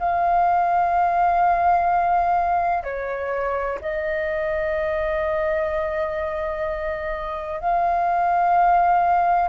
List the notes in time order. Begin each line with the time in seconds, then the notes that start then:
0.00 F5
2.84 C#5
3.81 D#5
7.61 F5